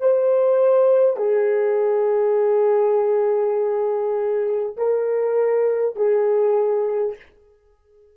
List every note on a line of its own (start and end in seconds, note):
0.00 1.17 C5
1.17 4.77 G#4
4.77 5.97 A#4
5.97 7.17 G#4